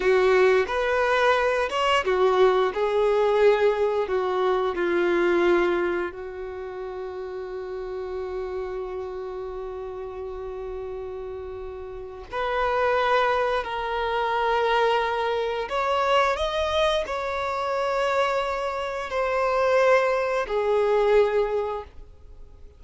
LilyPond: \new Staff \with { instrumentName = "violin" } { \time 4/4 \tempo 4 = 88 fis'4 b'4. cis''8 fis'4 | gis'2 fis'4 f'4~ | f'4 fis'2.~ | fis'1~ |
fis'2 b'2 | ais'2. cis''4 | dis''4 cis''2. | c''2 gis'2 | }